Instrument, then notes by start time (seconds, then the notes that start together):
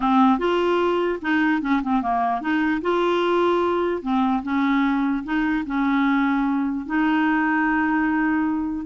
clarinet
0.00 C4
0.39 F4
1.21 D#4
1.61 C#4
1.82 C4
2.01 A#3
2.41 D#4
2.81 F4
4.02 C4
4.43 C#4
5.23 D#4
5.66 C#4
6.86 D#4